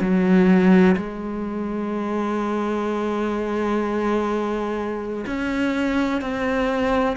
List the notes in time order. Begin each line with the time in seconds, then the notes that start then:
0.00 F#3
0.96 G#3
5.26 C#4
6.21 C4